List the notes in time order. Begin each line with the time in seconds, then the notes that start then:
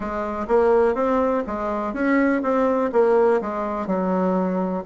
0.00 G#3
0.48 A#3
0.95 C4
1.46 G#3
1.94 C#4
2.42 C4
2.92 A#3
3.41 G#3
3.86 F#3